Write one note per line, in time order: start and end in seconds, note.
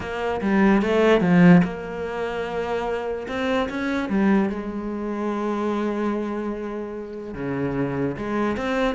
0.00 0.40 A#3
0.41 0.82 G3
0.82 1.20 A3
1.20 1.61 F3
1.64 3.27 A#3
3.28 3.68 C4
3.69 4.09 C#4
4.09 4.49 G3
4.49 7.34 G#3
7.34 8.16 C#3
8.17 8.56 G#3
8.56 8.95 C4